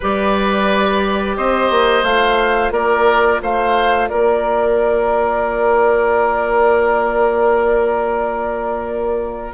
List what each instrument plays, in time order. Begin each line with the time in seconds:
0.00 bassoon G3, clarinet G4, oboe B4, flute D5
1.37 bassoon C4, oboe C5, flute D#5
1.70 bassoon A#3
2.03 bassoon A3, clarinet F4, flute F5
2.71 bassoon A#3, oboe A#4, flute D5
3.41 bassoon A3, oboe C5, flute F5
4.08 bassoon A#3, oboe A#4, flute D5